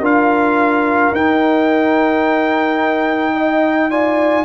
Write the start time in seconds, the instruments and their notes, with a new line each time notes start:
0.00 tuba D4, trombone F4, horn A#4, trumpet F5
1.12 tuba D#4, trombone D#4, trumpet G5
3.34 horn D#5
3.90 trombone F4, horn D5, trumpet G#5